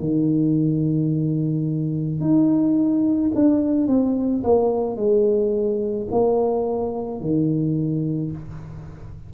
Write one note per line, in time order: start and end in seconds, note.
0.00 2.21 D#3
2.21 3.32 D#4
3.35 3.88 D4
3.88 4.43 C4
4.44 4.97 A#3
4.97 6.08 G#3
6.12 7.21 A#3
7.21 8.32 D#3